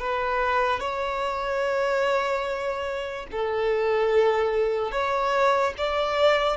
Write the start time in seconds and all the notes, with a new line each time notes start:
0.00 B4
0.80 C#5
3.32 A4
4.92 C#5
5.78 D5